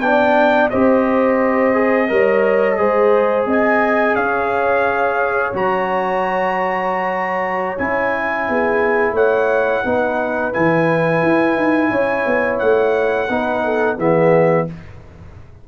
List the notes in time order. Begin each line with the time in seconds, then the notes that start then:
0.00 B3 D4 D5 G5
0.70 C4 G4 C5 D#5
1.74 G#4
2.08 G3 A#4 C#5
2.77 G#3 G#4 C5
3.46 C4 D#5 G#5
4.15 C#4 C#5 F5
5.54 F#3 F#4 A#5
7.78 C#4 E4 G#5
8.49 B3 G#4
9.12 A3 C#5 F#5
9.85 B3 D#4 B4
10.53 E3 E4 G#5
11.22 E4
11.55 D#4
11.90 C#4 C#5
12.26 B3
12.59 A3 F#5
13.29 B3 D#4 B4
13.65 A4
13.97 E3 B3 G#4 E5